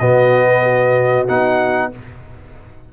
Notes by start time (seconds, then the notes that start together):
0.00 B2 B3 F#4 D#5
0.47 B4
0.63 F#4
1.28 B3 D#4 F#5